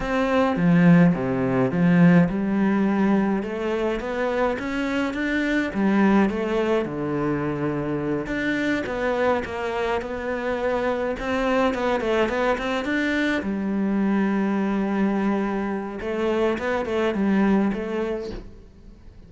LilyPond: \new Staff \with { instrumentName = "cello" } { \time 4/4 \tempo 4 = 105 c'4 f4 c4 f4 | g2 a4 b4 | cis'4 d'4 g4 a4 | d2~ d8 d'4 b8~ |
b8 ais4 b2 c'8~ | c'8 b8 a8 b8 c'8 d'4 g8~ | g1 | a4 b8 a8 g4 a4 | }